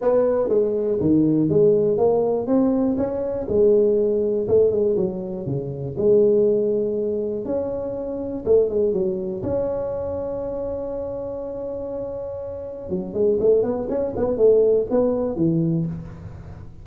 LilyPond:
\new Staff \with { instrumentName = "tuba" } { \time 4/4 \tempo 4 = 121 b4 gis4 dis4 gis4 | ais4 c'4 cis'4 gis4~ | gis4 a8 gis8 fis4 cis4 | gis2. cis'4~ |
cis'4 a8 gis8 fis4 cis'4~ | cis'1~ | cis'2 fis8 gis8 a8 b8 | cis'8 b8 a4 b4 e4 | }